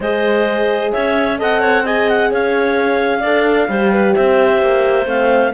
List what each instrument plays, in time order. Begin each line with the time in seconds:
0.00 cello G#3, horn G#4, clarinet C5 D#5
0.92 cello C#4, clarinet C#5 E5
1.37 cello C4, horn A4, clarinet D#5 F#5
1.60 clarinet C#5
1.84 horn G#4, clarinet D#5 G#5
2.09 clarinet F#5
2.31 cello C#4, clarinet C#5 F5
3.20 cello D4, horn A4, clarinet D5
3.68 cello G3, horn G4, clarinet C5
3.92 clarinet B4
4.14 cello C4, clarinet C5 E5
4.61 cello A#3
5.06 cello A3, horn C4, clarinet F5